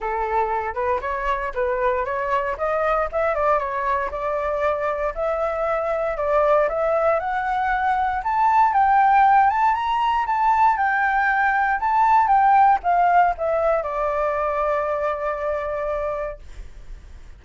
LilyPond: \new Staff \with { instrumentName = "flute" } { \time 4/4 \tempo 4 = 117 a'4. b'8 cis''4 b'4 | cis''4 dis''4 e''8 d''8 cis''4 | d''2 e''2 | d''4 e''4 fis''2 |
a''4 g''4. a''8 ais''4 | a''4 g''2 a''4 | g''4 f''4 e''4 d''4~ | d''1 | }